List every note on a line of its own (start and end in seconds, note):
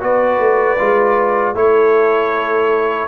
0.00 0.39 B3
0.00 0.77 F#4
0.00 1.58 B4
0.00 1.56 D5
0.39 0.77 A3
0.79 1.54 G#3
0.79 1.55 F4
1.54 3.08 A3
1.54 3.08 E4
1.54 3.08 A4
1.54 3.08 C#5